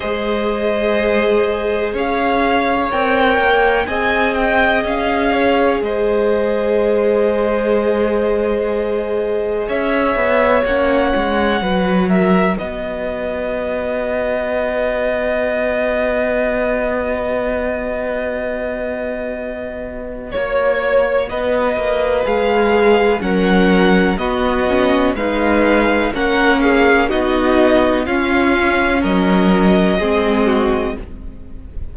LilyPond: <<
  \new Staff \with { instrumentName = "violin" } { \time 4/4 \tempo 4 = 62 dis''2 f''4 g''4 | gis''8 g''8 f''4 dis''2~ | dis''2 e''4 fis''4~ | fis''8 e''8 dis''2.~ |
dis''1~ | dis''4 cis''4 dis''4 f''4 | fis''4 dis''4 f''4 fis''8 f''8 | dis''4 f''4 dis''2 | }
  \new Staff \with { instrumentName = "violin" } { \time 4/4 c''2 cis''2 | dis''4. cis''8 c''2~ | c''2 cis''2 | b'8 ais'8 b'2.~ |
b'1~ | b'4 cis''4 b'2 | ais'4 fis'4 b'4 ais'8 gis'8 | fis'4 f'4 ais'4 gis'8 fis'8 | }
  \new Staff \with { instrumentName = "viola" } { \time 4/4 gis'2. ais'4 | gis'1~ | gis'2. cis'4 | fis'1~ |
fis'1~ | fis'2. gis'4 | cis'4 b8 cis'8 dis'4 cis'4 | dis'4 cis'2 c'4 | }
  \new Staff \with { instrumentName = "cello" } { \time 4/4 gis2 cis'4 c'8 ais8 | c'4 cis'4 gis2~ | gis2 cis'8 b8 ais8 gis8 | fis4 b2.~ |
b1~ | b4 ais4 b8 ais8 gis4 | fis4 b4 gis4 ais4 | b4 cis'4 fis4 gis4 | }
>>